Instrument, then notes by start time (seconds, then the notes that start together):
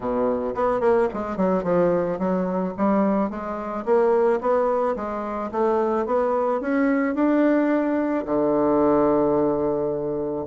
bassoon
0.00 B2
0.54 B3
0.80 A#3
1.13 G#3
1.36 F#3
1.63 F3
2.18 F#3
2.77 G3
3.30 G#3
3.85 A#3
4.40 B3
4.95 G#3
5.51 A3
6.06 B3
6.60 C#4
7.15 D4
8.25 D3